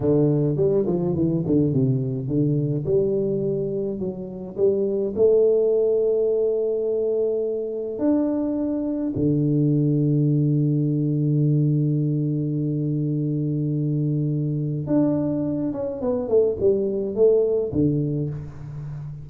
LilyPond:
\new Staff \with { instrumentName = "tuba" } { \time 4/4 \tempo 4 = 105 d4 g8 f8 e8 d8 c4 | d4 g2 fis4 | g4 a2.~ | a2 d'2 |
d1~ | d1~ | d2 d'4. cis'8 | b8 a8 g4 a4 d4 | }